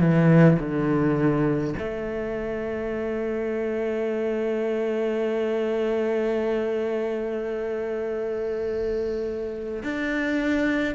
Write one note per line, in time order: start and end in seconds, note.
0.00 0.58 E3
0.59 1.75 D3
1.78 9.83 A3
9.83 10.95 D4